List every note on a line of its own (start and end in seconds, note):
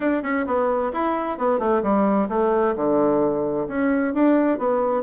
0.00 0.22 D4
0.22 0.45 C#4
0.46 0.92 B3
0.92 1.38 E4
1.38 1.59 B3
1.59 1.82 A3
1.82 2.28 G3
2.28 2.74 A3
2.76 3.67 D3
3.68 4.13 C#4
4.14 4.58 D4
4.58 5.03 B3